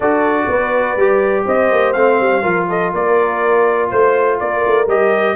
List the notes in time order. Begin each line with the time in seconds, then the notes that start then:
0.00 D4 F#4 A4 D5
0.48 B3 B4
0.96 G3 G4
1.44 C4 C5 D#5
1.71 A#3
1.92 A3 C4 F5
2.20 G3
2.42 F3 F4 A#4
2.69 A4 D#5
2.93 A#3 A#4 D5
3.89 A3 C5
4.39 A#3 A#4 D5
4.66 A3
4.86 G3 G4 D#5